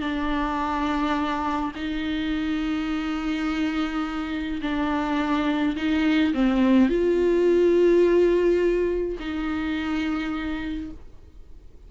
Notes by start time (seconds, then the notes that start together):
0.00 D4
1.75 D#4
4.61 D4
5.76 D#4
6.34 C4
6.89 F4
9.19 D#4